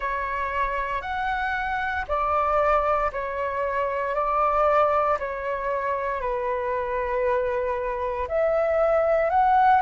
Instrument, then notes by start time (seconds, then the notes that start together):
flute
0.00 C#5
1.01 F#5
2.07 D5
3.12 C#5
4.14 D5
5.19 C#5
6.20 B4
8.28 E5
9.30 F#5